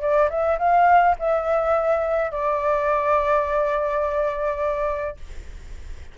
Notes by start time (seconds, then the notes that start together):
0.00 D5
0.29 E5
0.58 F5
1.19 E5
2.31 D5